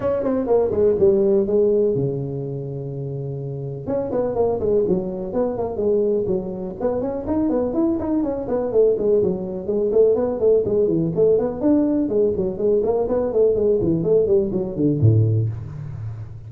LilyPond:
\new Staff \with { instrumentName = "tuba" } { \time 4/4 \tempo 4 = 124 cis'8 c'8 ais8 gis8 g4 gis4 | cis1 | cis'8 b8 ais8 gis8 fis4 b8 ais8 | gis4 fis4 b8 cis'8 dis'8 b8 |
e'8 dis'8 cis'8 b8 a8 gis8 fis4 | gis8 a8 b8 a8 gis8 e8 a8 b8 | d'4 gis8 fis8 gis8 ais8 b8 a8 | gis8 e8 a8 g8 fis8 d8 a,4 | }